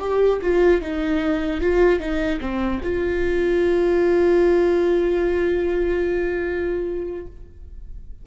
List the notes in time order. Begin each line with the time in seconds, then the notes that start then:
0.00 G4
0.42 F4
0.82 D#4
1.61 F4
2.00 D#4
2.41 C4
2.84 F4